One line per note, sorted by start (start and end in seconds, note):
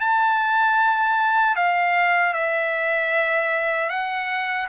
0.00 1.55 A5
1.55 2.33 F5
2.33 3.89 E5
3.89 4.67 F#5